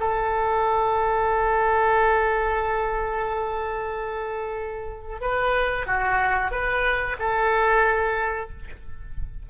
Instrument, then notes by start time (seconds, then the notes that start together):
oboe
0.00 A4
5.21 B4
5.87 F#4
6.51 B4
7.19 A4